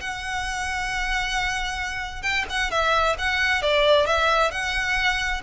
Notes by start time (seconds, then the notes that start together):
0.00 F#5
2.22 G5
2.49 F#5
2.70 E5
3.18 F#5
3.62 D5
4.06 E5
4.51 F#5